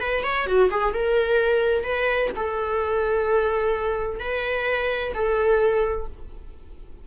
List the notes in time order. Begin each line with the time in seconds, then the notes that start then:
0.00 B4
0.23 C#5
0.46 F#4
0.70 G#4
0.94 A#4
1.84 B4
2.36 A4
4.19 B4
5.14 A4